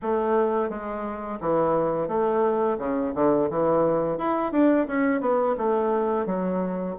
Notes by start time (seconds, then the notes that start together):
0.02 A3
0.69 G#3
1.40 E3
2.07 A3
2.78 C#3
3.14 D3
3.49 E3
4.18 E4
4.52 D4
4.87 C#4
5.20 B3
5.57 A3
6.26 F#3